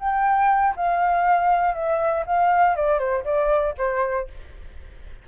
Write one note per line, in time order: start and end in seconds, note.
0.00 0.75 G5
0.77 1.75 F5
1.75 2.25 E5
2.27 2.76 F5
2.76 3.00 D5
3.00 3.25 C5
3.25 3.75 D5
3.78 4.28 C5